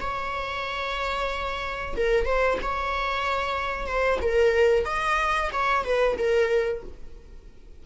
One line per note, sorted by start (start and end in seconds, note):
0.00 1.96 C#5
1.96 2.25 A#4
2.25 2.58 C5
2.62 3.86 C#5
3.86 4.19 C5
4.21 4.85 A#4
4.85 5.50 D#5
5.52 5.84 C#5
5.84 6.17 B4
6.18 6.83 A#4